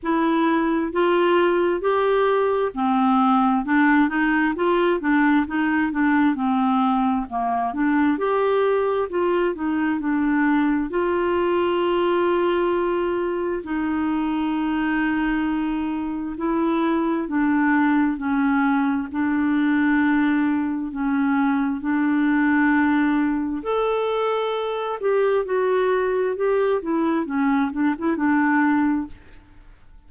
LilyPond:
\new Staff \with { instrumentName = "clarinet" } { \time 4/4 \tempo 4 = 66 e'4 f'4 g'4 c'4 | d'8 dis'8 f'8 d'8 dis'8 d'8 c'4 | ais8 d'8 g'4 f'8 dis'8 d'4 | f'2. dis'4~ |
dis'2 e'4 d'4 | cis'4 d'2 cis'4 | d'2 a'4. g'8 | fis'4 g'8 e'8 cis'8 d'16 e'16 d'4 | }